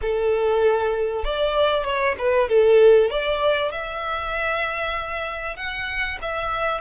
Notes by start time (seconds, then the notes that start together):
0.01 A4
1.24 D5
1.84 C#5
2.18 B4
2.48 A4
3.10 D5
3.71 E5
5.56 F#5
6.21 E5